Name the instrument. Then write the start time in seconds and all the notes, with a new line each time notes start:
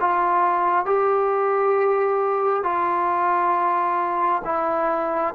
trombone
0.00 F4
0.85 G4
2.63 F4
4.44 E4